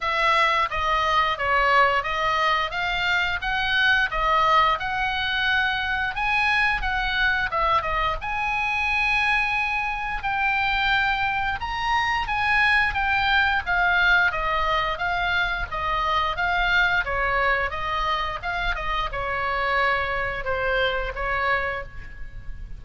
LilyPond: \new Staff \with { instrumentName = "oboe" } { \time 4/4 \tempo 4 = 88 e''4 dis''4 cis''4 dis''4 | f''4 fis''4 dis''4 fis''4~ | fis''4 gis''4 fis''4 e''8 dis''8 | gis''2. g''4~ |
g''4 ais''4 gis''4 g''4 | f''4 dis''4 f''4 dis''4 | f''4 cis''4 dis''4 f''8 dis''8 | cis''2 c''4 cis''4 | }